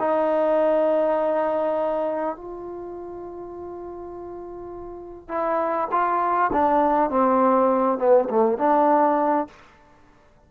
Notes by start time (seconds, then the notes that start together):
0.00 D#4
2.36 F4
5.29 E4
5.92 F4
6.53 D4
7.10 C4
7.99 B3
8.30 A3
8.58 D4